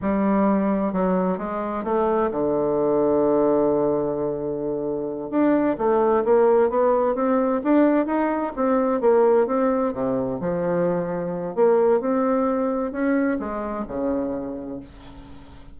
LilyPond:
\new Staff \with { instrumentName = "bassoon" } { \time 4/4 \tempo 4 = 130 g2 fis4 gis4 | a4 d2.~ | d2.~ d8 d'8~ | d'8 a4 ais4 b4 c'8~ |
c'8 d'4 dis'4 c'4 ais8~ | ais8 c'4 c4 f4.~ | f4 ais4 c'2 | cis'4 gis4 cis2 | }